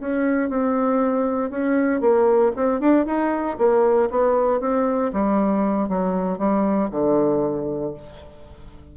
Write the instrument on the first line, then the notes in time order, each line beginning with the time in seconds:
bassoon
0.00 C#4
0.50 C4
1.51 C#4
2.01 A#3
2.56 C4
2.80 D4
3.06 D#4
3.59 A#3
4.10 B3
4.61 C4
5.13 G3
5.89 F#3
6.38 G3
6.91 D3